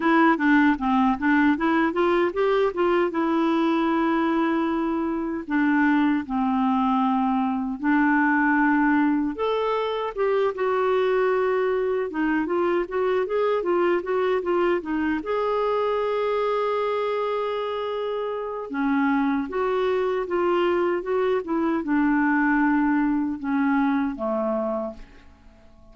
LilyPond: \new Staff \with { instrumentName = "clarinet" } { \time 4/4 \tempo 4 = 77 e'8 d'8 c'8 d'8 e'8 f'8 g'8 f'8 | e'2. d'4 | c'2 d'2 | a'4 g'8 fis'2 dis'8 |
f'8 fis'8 gis'8 f'8 fis'8 f'8 dis'8 gis'8~ | gis'1 | cis'4 fis'4 f'4 fis'8 e'8 | d'2 cis'4 a4 | }